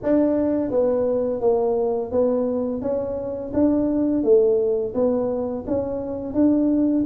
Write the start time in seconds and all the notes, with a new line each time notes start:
0.02 D4
0.71 B3
1.41 A#3
2.11 B3
2.81 C#4
3.53 D4
4.23 A3
4.94 B3
5.67 C#4
6.34 D4